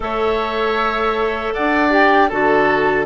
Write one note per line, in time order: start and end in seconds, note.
0.00 1.52 A3
0.00 1.90 A4
0.00 1.54 C#5
0.00 1.54 E5
1.54 2.32 D4
1.54 2.29 D5
1.54 1.92 F#5
1.90 2.28 G4
1.90 2.29 G5
2.29 3.05 D3
2.29 3.05 F#4
2.29 3.05 A4
2.29 3.05 A5